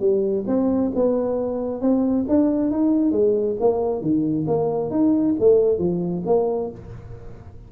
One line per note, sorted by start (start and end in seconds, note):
0.00 0.44 G3
0.47 0.92 C4
0.95 1.82 B3
1.82 2.26 C4
2.29 2.71 D4
2.71 3.12 D#4
3.12 3.57 G#3
3.61 4.02 A#3
4.02 4.46 D#3
4.48 4.91 A#3
4.91 5.36 D#4
5.40 5.79 A3
5.79 6.23 F3
6.26 6.71 A#3